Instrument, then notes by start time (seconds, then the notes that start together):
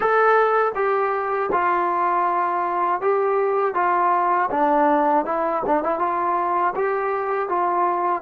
trombone
0.00 A4
0.75 G4
1.52 F4
3.01 G4
3.74 F4
4.50 D4
5.25 E4
5.66 D4
5.83 E4
5.99 F4
6.75 G4
7.48 F4